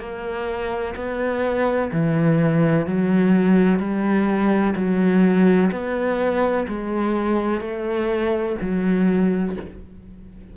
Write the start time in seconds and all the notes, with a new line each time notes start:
0.00 A#3
0.96 B3
1.92 E3
2.87 F#3
3.80 G3
4.76 F#3
5.72 B3
6.68 G#3
7.61 A3
8.61 F#3